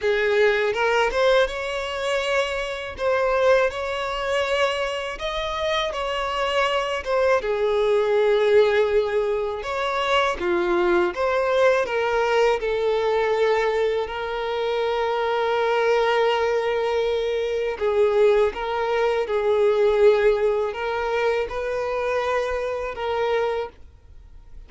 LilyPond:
\new Staff \with { instrumentName = "violin" } { \time 4/4 \tempo 4 = 81 gis'4 ais'8 c''8 cis''2 | c''4 cis''2 dis''4 | cis''4. c''8 gis'2~ | gis'4 cis''4 f'4 c''4 |
ais'4 a'2 ais'4~ | ais'1 | gis'4 ais'4 gis'2 | ais'4 b'2 ais'4 | }